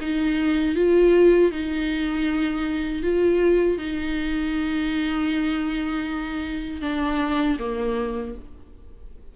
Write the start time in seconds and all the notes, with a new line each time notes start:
0.00 D#4
0.75 F4
1.51 D#4
3.02 F4
3.77 D#4
6.81 D4
7.59 A#3